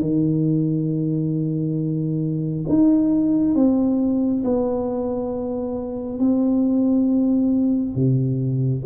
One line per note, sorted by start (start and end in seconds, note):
0.00 2.65 D#3
2.69 3.55 D#4
3.55 4.43 C4
4.44 6.19 B3
6.19 7.95 C4
7.95 8.83 C3